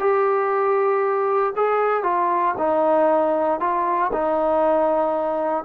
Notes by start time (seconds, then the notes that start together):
0.00 G4
1.56 G#4
2.04 F4
2.59 D#4
3.60 F4
4.13 D#4